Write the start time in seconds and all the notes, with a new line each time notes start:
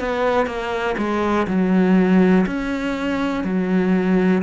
0.00 B3
0.47 A#3
0.98 G#3
1.48 F#3
2.47 C#4
3.45 F#3